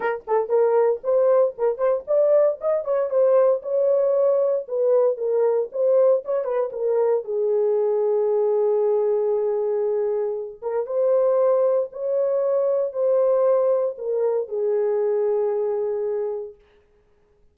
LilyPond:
\new Staff \with { instrumentName = "horn" } { \time 4/4 \tempo 4 = 116 ais'8 a'8 ais'4 c''4 ais'8 c''8 | d''4 dis''8 cis''8 c''4 cis''4~ | cis''4 b'4 ais'4 c''4 | cis''8 b'8 ais'4 gis'2~ |
gis'1~ | gis'8 ais'8 c''2 cis''4~ | cis''4 c''2 ais'4 | gis'1 | }